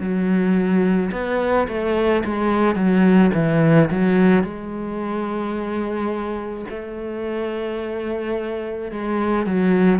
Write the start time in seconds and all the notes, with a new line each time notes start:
0.00 F#3
1.12 B3
1.68 A3
2.24 G#3
2.75 F#3
3.34 E3
3.90 F#3
4.43 G#3
6.69 A3
8.91 G#3
9.46 F#3